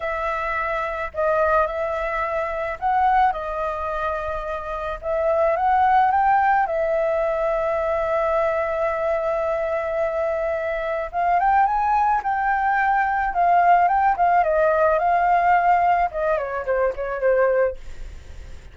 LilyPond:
\new Staff \with { instrumentName = "flute" } { \time 4/4 \tempo 4 = 108 e''2 dis''4 e''4~ | e''4 fis''4 dis''2~ | dis''4 e''4 fis''4 g''4 | e''1~ |
e''1 | f''8 g''8 gis''4 g''2 | f''4 g''8 f''8 dis''4 f''4~ | f''4 dis''8 cis''8 c''8 cis''8 c''4 | }